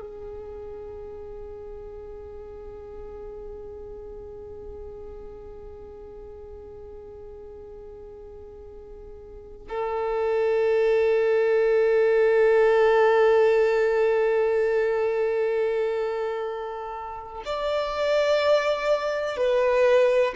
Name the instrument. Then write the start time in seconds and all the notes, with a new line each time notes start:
violin
0.00 G#4
9.69 A4
17.45 D5
19.37 B4